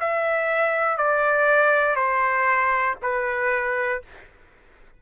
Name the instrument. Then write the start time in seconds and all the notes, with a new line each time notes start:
trumpet
0.00 E5
0.97 D5
1.95 C5
3.02 B4